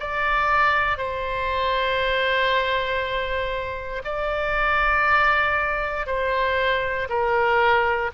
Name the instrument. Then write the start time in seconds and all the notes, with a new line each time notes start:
oboe
0.00 D5
0.98 C5
4.04 D5
6.06 C5
7.09 A#4